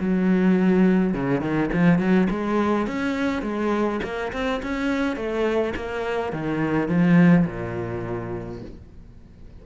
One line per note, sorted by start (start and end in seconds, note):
0.00 1.14 F#3
1.14 1.41 C#3
1.41 1.70 D#3
1.73 1.99 F3
1.99 2.28 F#3
2.31 2.87 G#3
2.87 3.43 C#4
3.43 4.00 G#3
4.04 4.32 A#3
4.33 4.62 C4
4.63 5.16 C#4
5.16 5.74 A3
5.76 6.33 A#3
6.33 6.88 D#3
6.88 7.46 F3
7.47 8.62 A#2